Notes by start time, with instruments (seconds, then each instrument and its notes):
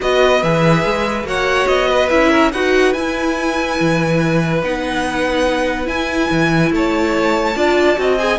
0.00 cello B3, viola F#4, violin B4 D#5
0.42 cello E3, viola G#4, violin E5
0.85 cello G#3
1.23 cello A#3, viola F#4, violin C#5 F#5
1.67 cello B3, violin D#5
1.88 violin B4
2.09 cello C#4, viola E4, violin E5
2.30 violin A#4
2.52 cello D#4, viola F#4, violin B4 F#5
2.93 viola E4, cello E4, violin G#5
3.79 cello E3
4.62 cello B3, viola D#4, violin F#5
5.84 viola E4, cello E4, violin G#5
6.31 cello E3
6.71 cello A3, violin C#5 A5
7.55 cello D4, viola F4, violin D5
7.96 cello C4, viola F#4, violin D#5
8.17 viola G#4, violin G#5